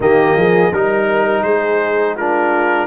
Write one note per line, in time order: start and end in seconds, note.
0.00 0.33 D#3
0.00 0.72 A#3
0.00 0.37 G4
0.00 0.73 D#5
0.36 0.72 F3
0.36 0.71 G#4
0.71 1.43 G3
0.71 2.19 D#4
0.71 1.43 A#4
1.43 2.87 G#3
1.43 2.16 G#4
1.43 2.15 C5
2.16 2.87 D4
2.16 2.87 F4
2.16 2.87 A#4